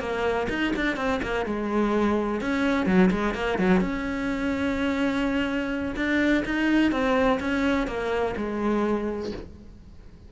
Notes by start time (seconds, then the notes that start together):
0.00 A#3
0.49 D#4
0.76 D4
0.97 C4
1.22 A#3
1.46 G#3
2.41 C#4
2.86 F#3
3.11 G#3
3.35 A#3
3.59 F#3
3.81 C#4
5.96 D4
6.45 D#4
6.92 C4
7.40 C#4
7.87 A#3
8.37 G#3